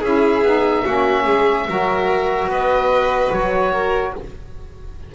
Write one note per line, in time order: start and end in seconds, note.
0.00 0.42 C#4
0.00 0.44 E4
0.00 0.82 G#4
0.00 2.50 E5
0.42 0.83 B3
0.42 0.85 D#4
0.85 1.26 A#3
0.85 1.68 C#4
0.85 1.23 F#4
1.23 1.67 G#3
1.23 1.65 G#4
1.68 2.47 F#3
1.68 4.14 F#4
1.68 2.48 A#4
2.47 3.29 B3
2.47 3.71 B4
2.47 3.32 D#5
3.31 4.13 F#3
3.31 4.14 C#5
3.71 4.12 A#4